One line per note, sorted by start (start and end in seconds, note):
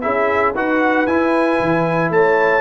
0.00 0.54 C#4
0.00 0.54 E4
0.00 0.54 G#4
0.00 0.52 E5
0.54 1.06 D#4
0.54 1.07 F#4
0.54 2.10 B4
0.54 1.06 F#5
1.06 1.59 E4
1.06 2.61 E4
1.06 2.11 G#5
1.60 2.09 E3
2.09 2.61 A3
2.09 2.61 C#5
2.09 2.61 A5